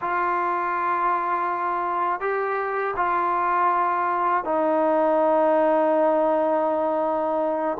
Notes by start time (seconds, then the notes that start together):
0.01 F4
2.20 G4
2.96 F4
4.44 D#4